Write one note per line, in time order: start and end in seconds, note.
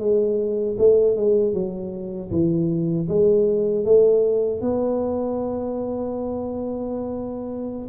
0.00 0.77 G#3
0.79 1.16 A3
1.16 1.54 G#3
1.54 2.31 F#3
2.31 3.08 E3
3.08 3.85 G#3
3.85 4.61 A3
4.61 7.88 B3